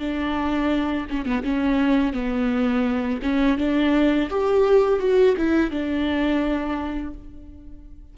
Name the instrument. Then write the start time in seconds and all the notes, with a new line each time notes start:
viola
0.00 D4
1.10 C#4
1.26 B3
1.44 C#4
2.14 B3
3.23 C#4
3.58 D4
4.31 G4
5.00 F#4
5.37 E4
5.71 D4